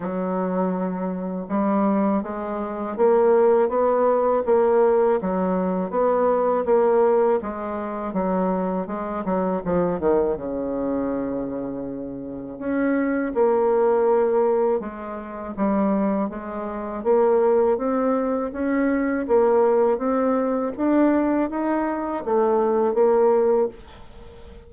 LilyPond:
\new Staff \with { instrumentName = "bassoon" } { \time 4/4 \tempo 4 = 81 fis2 g4 gis4 | ais4 b4 ais4 fis4 | b4 ais4 gis4 fis4 | gis8 fis8 f8 dis8 cis2~ |
cis4 cis'4 ais2 | gis4 g4 gis4 ais4 | c'4 cis'4 ais4 c'4 | d'4 dis'4 a4 ais4 | }